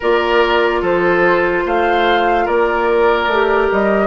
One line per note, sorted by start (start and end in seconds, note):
0.00 0.82 A#3
0.00 3.30 F4
0.00 0.81 A#4
0.00 0.84 D5
0.82 1.64 F3
0.82 1.64 A4
0.82 1.67 C5
1.65 2.47 A3
1.65 2.45 C5
1.65 2.47 F5
2.45 3.27 A#3
2.45 4.07 A#4
2.45 3.70 D5
3.27 3.68 A3
3.27 4.07 G4
3.71 4.07 G3
3.71 4.07 D#5